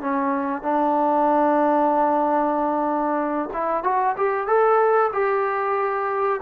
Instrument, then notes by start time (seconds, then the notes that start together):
trombone
0.00 C#4
0.62 D4
3.53 E4
3.84 F#4
4.17 G4
4.47 A4
5.13 G4